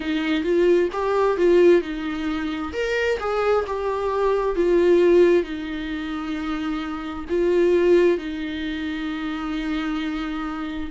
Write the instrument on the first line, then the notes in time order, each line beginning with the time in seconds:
viola
0.00 D#4
0.43 F4
0.92 G4
1.37 F4
1.81 D#4
2.72 A#4
3.19 G#4
3.67 G4
4.55 F4
5.43 D#4
7.29 F4
8.17 D#4